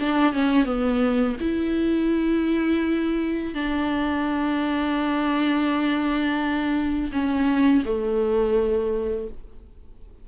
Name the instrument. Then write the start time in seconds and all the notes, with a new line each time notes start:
viola
0.00 D4
0.33 C#4
0.65 B3
1.40 E4
3.54 D4
7.12 C#4
7.85 A3